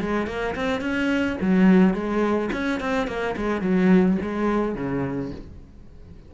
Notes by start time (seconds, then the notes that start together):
0.00 G#3
0.27 A#3
0.55 C4
0.81 C#4
1.41 F#3
1.94 G#3
2.53 C#4
2.80 C4
3.07 A#3
3.37 G#3
3.61 F#3
4.22 G#3
4.75 C#3